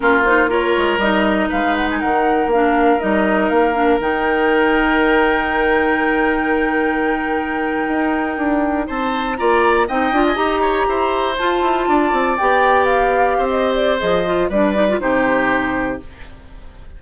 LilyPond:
<<
  \new Staff \with { instrumentName = "flute" } { \time 4/4 \tempo 4 = 120 ais'8 c''8 cis''4 dis''4 f''8 fis''16 gis''16 | fis''4 f''4 dis''4 f''4 | g''1~ | g''1~ |
g''4.~ g''16 a''4 ais''4 g''16~ | g''8 gis''16 ais''2 a''4~ a''16~ | a''8. g''4 f''4~ f''16 dis''8 d''8 | dis''4 d''4 c''2 | }
  \new Staff \with { instrumentName = "oboe" } { \time 4/4 f'4 ais'2 b'4 | ais'1~ | ais'1~ | ais'1~ |
ais'4.~ ais'16 c''4 d''4 dis''16~ | dis''4~ dis''16 cis''8 c''2 d''16~ | d''2~ d''8. c''4~ c''16~ | c''4 b'4 g'2 | }
  \new Staff \with { instrumentName = "clarinet" } { \time 4/4 cis'8 dis'8 f'4 dis'2~ | dis'4 d'4 dis'4. d'8 | dis'1~ | dis'1~ |
dis'2~ dis'8. f'4 dis'16~ | dis'16 f'8 g'2 f'4~ f'16~ | f'8. g'2.~ g'16 | gis'8 f'8 d'8 dis'16 f'16 dis'2 | }
  \new Staff \with { instrumentName = "bassoon" } { \time 4/4 ais4. gis8 g4 gis4 | dis4 ais4 g4 ais4 | dis1~ | dis2.~ dis8. dis'16~ |
dis'8. d'4 c'4 ais4 c'16~ | c'16 d'8 dis'4 e'4 f'8 e'8 d'16~ | d'16 c'8 b2 c'4~ c'16 | f4 g4 c2 | }
>>